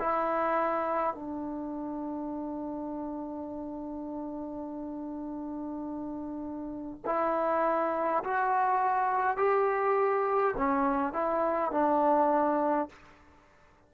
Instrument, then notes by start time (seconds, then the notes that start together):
trombone
0.00 E4
1.14 D4
7.06 E4
8.24 F#4
9.37 G4
10.57 C#4
11.13 E4
11.72 D4